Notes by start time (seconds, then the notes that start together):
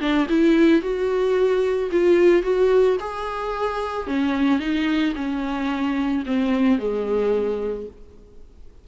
0.00 D4
0.29 E4
0.82 F#4
1.91 F4
2.43 F#4
3.00 G#4
4.07 C#4
4.59 D#4
5.15 C#4
6.26 C4
6.79 G#3